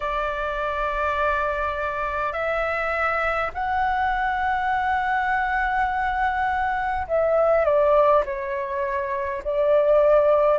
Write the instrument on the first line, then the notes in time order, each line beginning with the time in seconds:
flute
0.00 D5
2.33 E5
3.53 F#5
7.07 E5
7.65 D5
8.25 C#5
9.44 D5